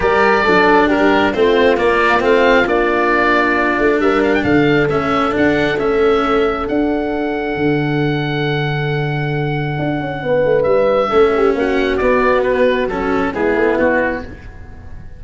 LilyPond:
<<
  \new Staff \with { instrumentName = "oboe" } { \time 4/4 \tempo 4 = 135 d''2 ais'4 c''4 | d''4 f''4 d''2~ | d''4 e''8 f''16 g''16 f''4 e''4 | fis''4 e''2 fis''4~ |
fis''1~ | fis''1 | e''2 fis''4 d''4 | b'4 a'4 gis'4 fis'4 | }
  \new Staff \with { instrumentName = "horn" } { \time 4/4 ais'4 a'4 g'4 f'4~ | f'1~ | f'4 ais'4 a'2~ | a'1~ |
a'1~ | a'2. b'4~ | b'4 a'8 g'8 fis'2~ | fis'2 e'2 | }
  \new Staff \with { instrumentName = "cello" } { \time 4/4 g'4 d'2 c'4 | ais4 c'4 d'2~ | d'2. cis'4 | d'4 cis'2 d'4~ |
d'1~ | d'1~ | d'4 cis'2 b4~ | b4 cis'4 b2 | }
  \new Staff \with { instrumentName = "tuba" } { \time 4/4 g4 fis4 g4 a4 | ais4 a4 ais2~ | ais8 a8 g4 d4 a4 | d'4 a2 d'4~ |
d'4 d2.~ | d2 d'8 cis'8 b8 a8 | g4 a4 ais4 b4~ | b4 fis4 gis8 a8 b4 | }
>>